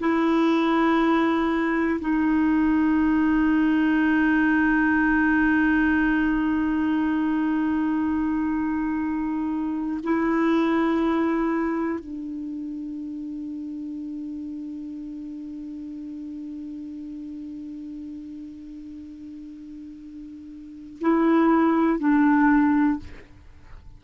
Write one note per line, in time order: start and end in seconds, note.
0.00 2.00 E4
2.00 10.00 D#4
10.04 12.00 E4
12.00 21.00 D4
21.01 21.99 E4
21.99 22.99 D4